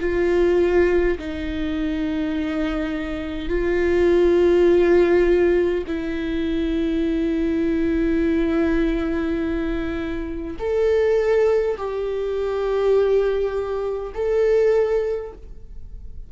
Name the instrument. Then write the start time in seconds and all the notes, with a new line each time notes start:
viola
0.00 F4
1.18 D#4
3.49 F4
5.87 E4
10.59 A4
11.77 G4
14.14 A4